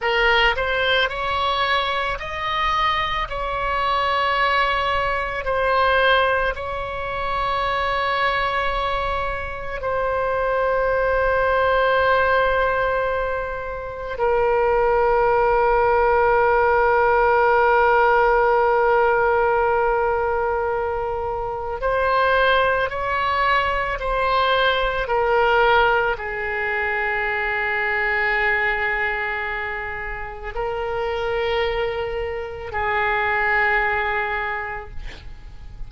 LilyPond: \new Staff \with { instrumentName = "oboe" } { \time 4/4 \tempo 4 = 55 ais'8 c''8 cis''4 dis''4 cis''4~ | cis''4 c''4 cis''2~ | cis''4 c''2.~ | c''4 ais'2.~ |
ais'1 | c''4 cis''4 c''4 ais'4 | gis'1 | ais'2 gis'2 | }